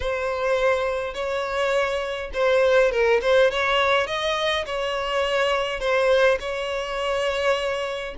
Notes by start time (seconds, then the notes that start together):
0.00 C5
1.14 C#5
2.33 C5
2.91 A#4
3.21 C5
3.50 C#5
4.06 D#5
4.66 C#5
5.80 C5
6.40 C#5